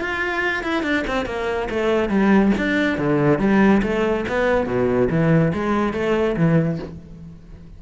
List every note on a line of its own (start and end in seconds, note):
0.00 0.63 F4
0.63 0.82 E4
0.82 1.04 D4
1.07 1.25 C4
1.25 1.68 A#3
1.69 2.09 A3
2.09 2.51 G3
2.57 2.97 D4
2.97 3.38 D3
3.38 3.81 G3
3.82 4.24 A3
4.28 4.66 B3
4.66 5.09 B2
5.09 5.52 E3
5.53 5.93 G#3
5.93 6.35 A3
6.36 6.79 E3